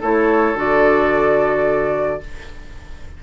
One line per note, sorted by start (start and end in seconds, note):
0.00 0.54 A3
0.00 0.55 E4
0.00 2.20 A4
0.00 0.57 C#5
0.54 2.19 D3
0.54 2.20 F#4
0.54 2.23 D5